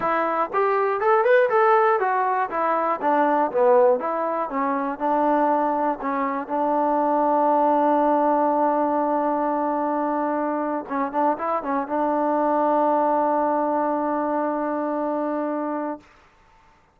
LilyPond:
\new Staff \with { instrumentName = "trombone" } { \time 4/4 \tempo 4 = 120 e'4 g'4 a'8 b'8 a'4 | fis'4 e'4 d'4 b4 | e'4 cis'4 d'2 | cis'4 d'2.~ |
d'1~ | d'4.~ d'16 cis'8 d'8 e'8 cis'8 d'16~ | d'1~ | d'1 | }